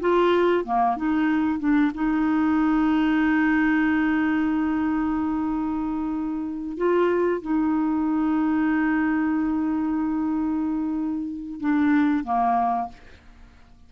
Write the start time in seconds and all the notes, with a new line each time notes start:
0.00 F4
0.65 A#3
0.96 D#4
1.59 D4
1.94 D#4
6.77 F4
7.41 D#4
11.60 D4
12.24 A#3